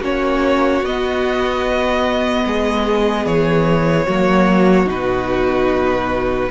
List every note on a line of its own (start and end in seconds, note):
0.00 0.82 A#3
0.00 0.83 C#4
0.00 2.43 F#4
0.00 0.85 C#5
0.82 2.44 B3
0.82 4.08 B3
0.82 3.26 D#5
2.46 3.25 G#3
2.46 4.06 G#4
3.25 4.06 E3
3.25 4.88 C#5
4.06 4.87 F#3
4.06 4.86 A#3
4.06 6.49 F#4
4.86 6.49 B2
4.86 6.48 D#4
4.86 6.50 B4